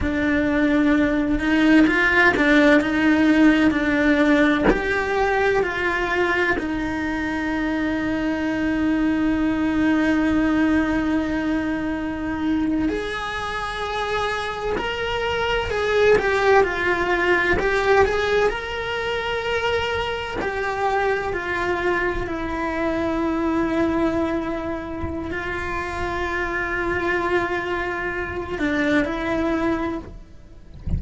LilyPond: \new Staff \with { instrumentName = "cello" } { \time 4/4 \tempo 4 = 64 d'4. dis'8 f'8 d'8 dis'4 | d'4 g'4 f'4 dis'4~ | dis'1~ | dis'4.~ dis'16 gis'2 ais'16~ |
ais'8. gis'8 g'8 f'4 g'8 gis'8 ais'16~ | ais'4.~ ais'16 g'4 f'4 e'16~ | e'2. f'4~ | f'2~ f'8 d'8 e'4 | }